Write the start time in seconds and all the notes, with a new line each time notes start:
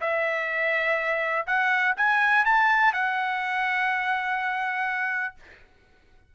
0.00 E5
1.46 F#5
1.96 G#5
2.45 A5
2.93 F#5